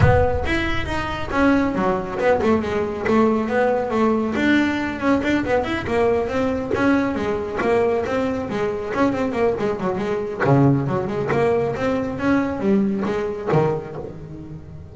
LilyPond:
\new Staff \with { instrumentName = "double bass" } { \time 4/4 \tempo 4 = 138 b4 e'4 dis'4 cis'4 | fis4 b8 a8 gis4 a4 | b4 a4 d'4. cis'8 | d'8 b8 e'8 ais4 c'4 cis'8~ |
cis'8 gis4 ais4 c'4 gis8~ | gis8 cis'8 c'8 ais8 gis8 fis8 gis4 | cis4 fis8 gis8 ais4 c'4 | cis'4 g4 gis4 dis4 | }